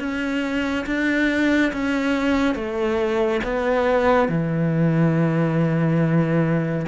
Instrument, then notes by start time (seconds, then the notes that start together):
cello
0.00 C#4
0.86 D4
1.73 C#4
2.55 A3
3.44 B3
4.29 E3